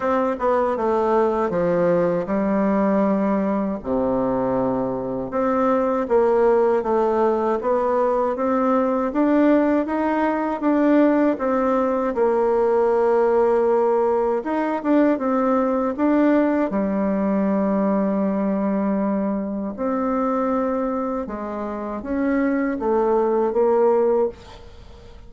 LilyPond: \new Staff \with { instrumentName = "bassoon" } { \time 4/4 \tempo 4 = 79 c'8 b8 a4 f4 g4~ | g4 c2 c'4 | ais4 a4 b4 c'4 | d'4 dis'4 d'4 c'4 |
ais2. dis'8 d'8 | c'4 d'4 g2~ | g2 c'2 | gis4 cis'4 a4 ais4 | }